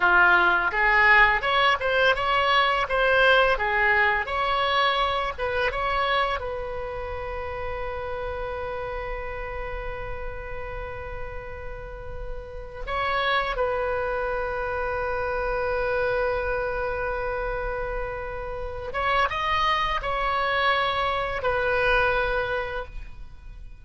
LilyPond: \new Staff \with { instrumentName = "oboe" } { \time 4/4 \tempo 4 = 84 f'4 gis'4 cis''8 c''8 cis''4 | c''4 gis'4 cis''4. b'8 | cis''4 b'2.~ | b'1~ |
b'2 cis''4 b'4~ | b'1~ | b'2~ b'8 cis''8 dis''4 | cis''2 b'2 | }